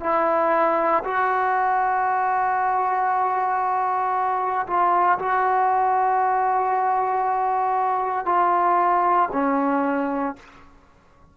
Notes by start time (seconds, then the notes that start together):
0.00 E4
1.04 F#4
4.67 F4
5.19 F#4
8.26 F4
9.32 C#4